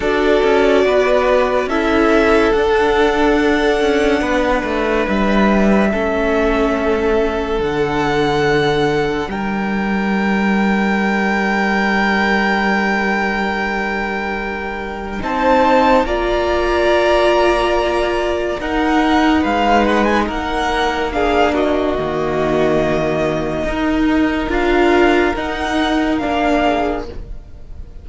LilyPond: <<
  \new Staff \with { instrumentName = "violin" } { \time 4/4 \tempo 4 = 71 d''2 e''4 fis''4~ | fis''2 e''2~ | e''4 fis''2 g''4~ | g''1~ |
g''2 a''4 ais''4~ | ais''2 fis''4 f''8 fis''16 gis''16 | fis''4 f''8 dis''2~ dis''8~ | dis''4 f''4 fis''4 f''4 | }
  \new Staff \with { instrumentName = "violin" } { \time 4/4 a'4 b'4 a'2~ | a'4 b'2 a'4~ | a'2. ais'4~ | ais'1~ |
ais'2 c''4 d''4~ | d''2 ais'4 b'4 | ais'4 gis'8 fis'2~ fis'8 | ais'2.~ ais'8 gis'8 | }
  \new Staff \with { instrumentName = "viola" } { \time 4/4 fis'2 e'4 d'4~ | d'2. cis'4~ | cis'4 d'2.~ | d'1~ |
d'2 dis'4 f'4~ | f'2 dis'2~ | dis'4 d'4 ais2 | dis'4 f'4 dis'4 d'4 | }
  \new Staff \with { instrumentName = "cello" } { \time 4/4 d'8 cis'8 b4 cis'4 d'4~ | d'8 cis'8 b8 a8 g4 a4~ | a4 d2 g4~ | g1~ |
g2 c'4 ais4~ | ais2 dis'4 gis4 | ais2 dis2 | dis'4 d'4 dis'4 ais4 | }
>>